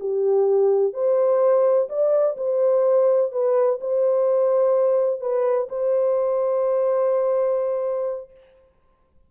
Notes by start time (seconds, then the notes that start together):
0.00 G4
0.94 C5
1.89 D5
2.37 C5
3.32 B4
3.81 C5
5.21 B4
5.69 C5